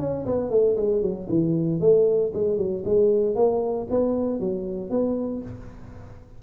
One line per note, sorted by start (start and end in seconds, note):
0.00 0.26 C#4
0.26 0.51 B3
0.51 0.77 A3
0.77 1.02 G#3
1.02 1.28 F#3
1.30 1.81 E3
1.81 2.33 A3
2.34 2.58 G#3
2.58 2.84 F#3
2.85 3.36 G#3
3.36 3.88 A#3
3.91 4.40 B3
4.40 4.91 F#3
4.91 5.43 B3